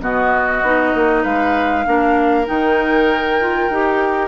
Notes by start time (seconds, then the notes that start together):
0.00 B2 B3 F#4 D#5
0.62 B3 D#4
0.94 A#3
1.22 G#3 B4 F5
1.86 A#3 D4 A#4
2.45 D#3 D#4 G5
3.40 F4
3.69 D#4 G4